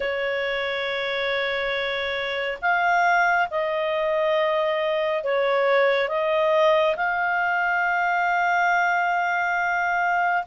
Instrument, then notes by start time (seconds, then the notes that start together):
clarinet
0.00 C#5
2.61 F5
3.50 D#5
5.23 C#5
6.08 D#5
6.96 F5